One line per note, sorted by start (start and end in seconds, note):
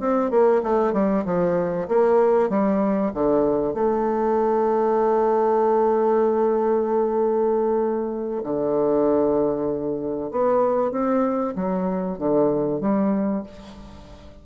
0.00 0.31 C4
0.31 0.62 A#3
0.63 0.93 A3
0.93 1.24 G3
1.26 1.88 F3
1.88 2.50 A#3
2.50 3.12 G3
3.14 3.74 D3
3.74 8.43 A3
8.44 10.31 D3
10.31 10.92 B3
10.92 11.55 C4
11.56 12.18 F#3
12.18 12.81 D3
12.81 13.44 G3